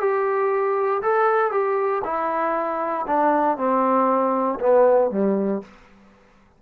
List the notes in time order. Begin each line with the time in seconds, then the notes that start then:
0.00 G4
1.02 A4
1.51 G4
2.04 E4
3.06 D4
3.57 C4
4.60 B3
5.11 G3